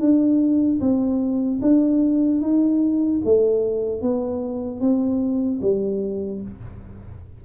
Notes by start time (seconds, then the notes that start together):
0.00 D4
0.80 C4
1.61 D4
2.41 D#4
3.24 A3
4.01 B3
4.80 C4
5.61 G3